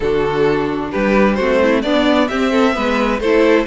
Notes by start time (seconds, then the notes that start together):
0.00 D3 D4 F#4 A4
0.91 G3 G4 B4
1.34 A3 C4 F#4 C5
1.62 E4
1.82 B3 D4 D5
2.28 C4 G4 E5
2.51 A4
2.72 G#3 B3 B4
3.20 A3 E4 A4 C5